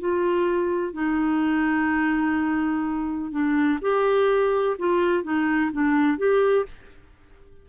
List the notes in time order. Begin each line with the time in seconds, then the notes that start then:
0.00 F4
0.94 D#4
3.32 D4
3.82 G4
4.79 F4
5.24 D#4
5.72 D4
6.18 G4